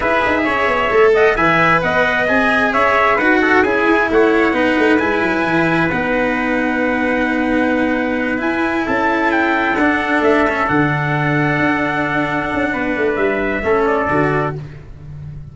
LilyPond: <<
  \new Staff \with { instrumentName = "trumpet" } { \time 4/4 \tempo 4 = 132 e''2~ e''8 fis''8 gis''4 | fis''4 gis''4 e''4 fis''4 | gis''4 fis''2 gis''4~ | gis''4 fis''2.~ |
fis''2~ fis''8 gis''4 a''8~ | a''8 g''4 fis''4 e''4 fis''8~ | fis''1~ | fis''4 e''4. d''4. | }
  \new Staff \with { instrumentName = "trumpet" } { \time 4/4 b'4 cis''4. dis''8 e''4 | dis''2 cis''4 b'8 a'8 | gis'4 cis''4 b'2~ | b'1~ |
b'2.~ b'8 a'8~ | a'1~ | a'1 | b'2 a'2 | }
  \new Staff \with { instrumentName = "cello" } { \time 4/4 gis'2 a'4 b'4~ | b'4 gis'2 fis'4 | e'2 dis'4 e'4~ | e'4 dis'2.~ |
dis'2~ dis'8 e'4.~ | e'4. d'4. cis'8 d'8~ | d'1~ | d'2 cis'4 fis'4 | }
  \new Staff \with { instrumentName = "tuba" } { \time 4/4 e'8 dis'8 cis'8 b8 a4 e4 | b4 c'4 cis'4 dis'4 | cis'8 e'8 a4 b8 a8 gis8 fis8 | e4 b2.~ |
b2~ b8 e'4 cis'8~ | cis'4. d'4 a4 d8~ | d4. d'2 cis'8 | b8 a8 g4 a4 d4 | }
>>